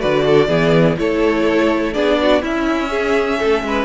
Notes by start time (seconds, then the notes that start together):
0.00 D3 F#4 B4 D5
0.26 A4
0.48 E3 B3 G#4
0.98 A3 E4 A4 C#5
1.94 B3 D4 G#4 D5
2.22 F#4
2.42 C#4 E4 E5
2.90 G#4
3.39 A3 A4
3.63 G#3 B4